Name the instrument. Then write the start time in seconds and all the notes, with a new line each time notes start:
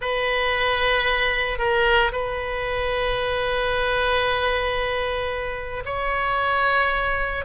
oboe
0.01 B4
1.58 A#4
2.12 B4
5.85 C#5